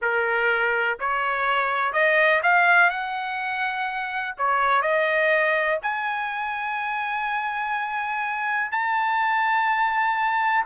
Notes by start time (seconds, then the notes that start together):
0.01 A#4
0.99 C#5
1.92 D#5
2.43 F5
2.89 F#5
4.37 C#5
4.81 D#5
5.82 G#5
8.71 A5